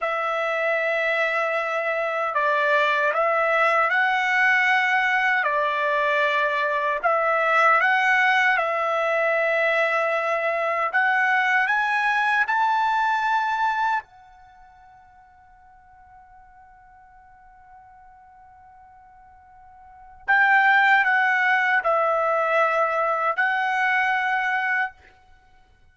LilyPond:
\new Staff \with { instrumentName = "trumpet" } { \time 4/4 \tempo 4 = 77 e''2. d''4 | e''4 fis''2 d''4~ | d''4 e''4 fis''4 e''4~ | e''2 fis''4 gis''4 |
a''2 fis''2~ | fis''1~ | fis''2 g''4 fis''4 | e''2 fis''2 | }